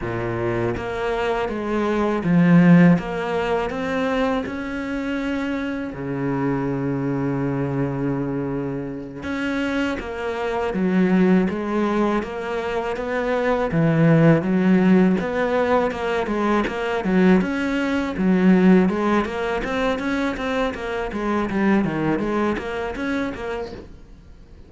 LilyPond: \new Staff \with { instrumentName = "cello" } { \time 4/4 \tempo 4 = 81 ais,4 ais4 gis4 f4 | ais4 c'4 cis'2 | cis1~ | cis8 cis'4 ais4 fis4 gis8~ |
gis8 ais4 b4 e4 fis8~ | fis8 b4 ais8 gis8 ais8 fis8 cis'8~ | cis'8 fis4 gis8 ais8 c'8 cis'8 c'8 | ais8 gis8 g8 dis8 gis8 ais8 cis'8 ais8 | }